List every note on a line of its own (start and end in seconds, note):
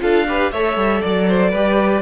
0.00 0.52 D4
0.00 0.25 F4
0.00 0.28 A4
0.00 0.52 F5
0.28 0.53 G4
0.28 0.52 B4
0.52 0.77 A3
0.52 1.55 A4
0.52 1.02 C#5
0.52 1.03 E5
0.77 1.02 G3
1.02 1.53 F#3
1.02 1.27 D5
1.02 2.02 D5
1.29 1.51 C5
1.51 2.02 G3
1.51 2.02 G4
1.51 2.02 B4